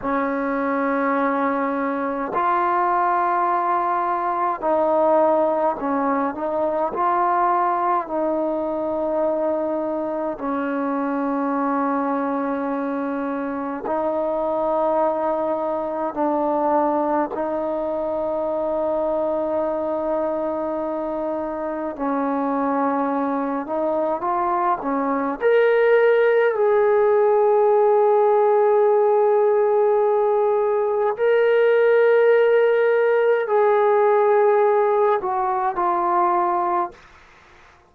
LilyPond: \new Staff \with { instrumentName = "trombone" } { \time 4/4 \tempo 4 = 52 cis'2 f'2 | dis'4 cis'8 dis'8 f'4 dis'4~ | dis'4 cis'2. | dis'2 d'4 dis'4~ |
dis'2. cis'4~ | cis'8 dis'8 f'8 cis'8 ais'4 gis'4~ | gis'2. ais'4~ | ais'4 gis'4. fis'8 f'4 | }